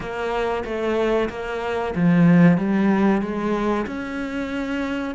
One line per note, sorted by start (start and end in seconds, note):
0.00 0.63 A#3
0.65 1.29 A3
1.29 1.94 A#3
1.95 2.57 F3
2.57 3.21 G3
3.21 3.86 G#3
3.86 5.15 C#4